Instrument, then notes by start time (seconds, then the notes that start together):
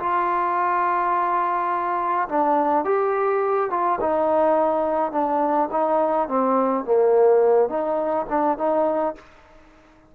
trombone
0.00 F4
2.29 D4
2.85 G4
3.71 F4
4.01 D#4
5.12 D4
5.71 D#4
6.29 C4
6.85 A#3
7.69 D#4
8.30 D4
8.58 D#4